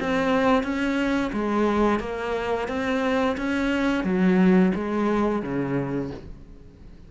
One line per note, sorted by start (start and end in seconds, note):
0.00 0.63 C4
0.63 1.31 C#4
1.33 2.00 G#3
2.00 2.68 A#3
2.68 3.36 C4
3.37 4.04 C#4
4.04 4.72 F#3
4.75 5.42 G#3
5.42 6.11 C#3